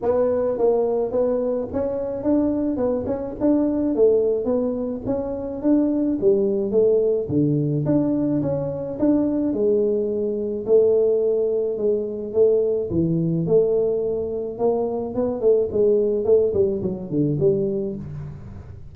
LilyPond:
\new Staff \with { instrumentName = "tuba" } { \time 4/4 \tempo 4 = 107 b4 ais4 b4 cis'4 | d'4 b8 cis'8 d'4 a4 | b4 cis'4 d'4 g4 | a4 d4 d'4 cis'4 |
d'4 gis2 a4~ | a4 gis4 a4 e4 | a2 ais4 b8 a8 | gis4 a8 g8 fis8 d8 g4 | }